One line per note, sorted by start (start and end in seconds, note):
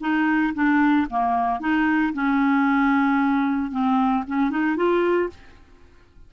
0.00 0.53 D#4
0.54 1.07 D4
1.10 1.60 A#3
1.60 2.13 D#4
2.13 3.71 C#4
3.71 4.24 C4
4.27 4.50 C#4
4.50 4.76 D#4
4.76 5.29 F4